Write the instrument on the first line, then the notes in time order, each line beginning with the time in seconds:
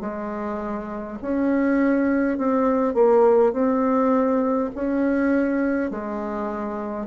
bassoon
0.00 G#3
1.21 C#4
2.37 C4
2.94 A#3
3.52 C4
4.75 C#4
5.90 G#3